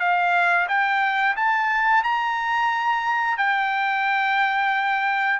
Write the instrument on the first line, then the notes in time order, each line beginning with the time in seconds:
trumpet
0.00 F5
0.69 G5
1.37 A5
2.04 A#5
3.38 G5